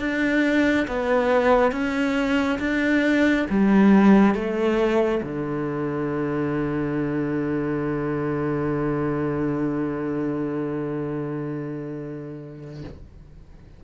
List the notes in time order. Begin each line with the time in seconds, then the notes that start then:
0.00 D4
0.88 B3
1.72 C#4
2.59 D4
3.50 G3
4.35 A3
5.23 D3